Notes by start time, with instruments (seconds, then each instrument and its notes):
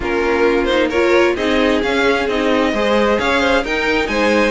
0.00 cello A#3, viola C#4, violin F4 A#4
0.65 viola D#4, violin C5
0.88 viola F4, violin A#4 C#5
1.35 cello C4, viola D#4, violin G#4 D#5
1.82 viola C#4, cello C#4, violin F5
2.28 cello C4, viola D#4, violin D#5
2.73 cello G#3, viola G#4, violin C5
3.18 cello C#4, violin C#5 F5
3.40 violin C5
3.63 cello D#4, viola D#4, violin A#4 G5
4.07 cello G#3, violin C5 G#5